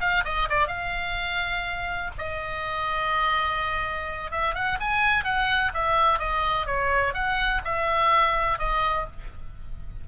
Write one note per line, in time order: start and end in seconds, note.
0.00 0.24 F5
0.25 0.48 D#5
0.50 0.67 D5
0.67 2.10 F5
2.18 4.31 D#5
4.31 4.55 E5
4.55 4.78 F#5
4.80 5.24 G#5
5.24 5.72 F#5
5.74 6.19 E5
6.19 6.66 D#5
6.66 7.14 C#5
7.14 7.61 F#5
7.65 8.58 E5
8.58 9.06 D#5